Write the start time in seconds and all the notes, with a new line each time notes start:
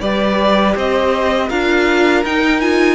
0.00 G3 G4 B4 D5
0.75 C4 C5 D#5
1.48 D4 F4 A#4 F5
2.24 D#4 G5
2.60 F4 G#5